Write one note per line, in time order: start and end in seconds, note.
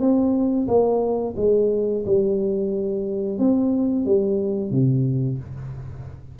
0.00 0.67 C4
0.67 1.35 A#3
1.37 2.04 G#3
2.06 3.39 G3
3.39 4.06 C4
4.06 4.71 G3
4.71 5.38 C3